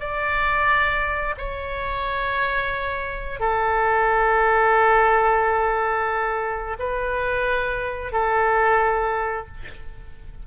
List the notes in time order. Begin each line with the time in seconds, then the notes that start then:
0.00 D5
1.38 C#5
3.40 A4
6.79 B4
8.12 A4